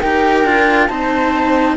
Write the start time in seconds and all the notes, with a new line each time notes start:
0.00 D#4 G4 A#4 G5
0.45 D4 F4
0.87 C4 D#4 C5 A5